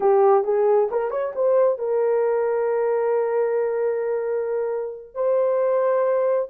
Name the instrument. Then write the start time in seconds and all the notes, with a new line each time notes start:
horn
0.00 G4
0.44 G#4
0.91 A#4
1.10 C#5
1.35 C5
1.78 A#4
5.14 C5